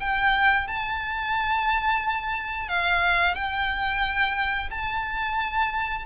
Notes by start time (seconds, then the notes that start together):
0.00 G5
0.67 A5
2.69 F5
3.35 G5
4.70 A5